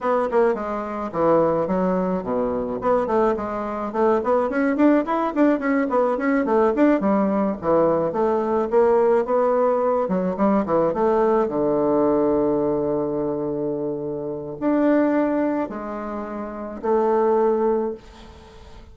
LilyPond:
\new Staff \with { instrumentName = "bassoon" } { \time 4/4 \tempo 4 = 107 b8 ais8 gis4 e4 fis4 | b,4 b8 a8 gis4 a8 b8 | cis'8 d'8 e'8 d'8 cis'8 b8 cis'8 a8 | d'8 g4 e4 a4 ais8~ |
ais8 b4. fis8 g8 e8 a8~ | a8 d2.~ d8~ | d2 d'2 | gis2 a2 | }